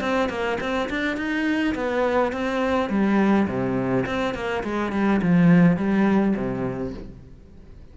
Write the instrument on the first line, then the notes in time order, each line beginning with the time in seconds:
cello
0.00 C4
0.29 A#3
0.60 C4
0.89 D4
1.16 D#4
1.74 B3
2.32 C4
2.89 G3
3.47 C3
4.06 C4
4.34 A#3
4.63 G#3
4.91 G3
5.22 F3
5.76 G3
6.36 C3